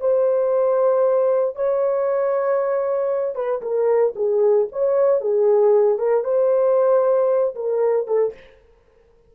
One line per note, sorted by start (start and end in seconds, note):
0.00 1.56 C5
1.56 3.35 C#5
3.35 3.61 B4
3.62 4.14 A#4
4.16 4.68 G#4
4.72 5.21 C#5
5.21 5.98 G#4
5.98 6.24 A#4
6.24 7.55 C5
7.56 8.08 A#4
8.08 8.34 A4